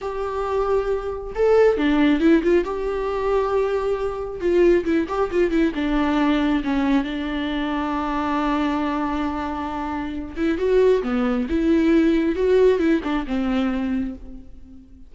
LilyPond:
\new Staff \with { instrumentName = "viola" } { \time 4/4 \tempo 4 = 136 g'2. a'4 | d'4 e'8 f'8 g'2~ | g'2 f'4 e'8 g'8 | f'8 e'8 d'2 cis'4 |
d'1~ | d'2.~ d'8 e'8 | fis'4 b4 e'2 | fis'4 e'8 d'8 c'2 | }